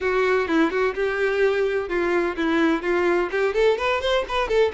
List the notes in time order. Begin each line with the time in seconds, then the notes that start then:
0.00 F#4
0.47 E4
0.71 F#4
0.94 G4
1.89 F4
2.36 E4
2.82 F4
3.31 G4
3.54 A4
3.77 B4
4.01 C5
4.28 B4
4.48 A4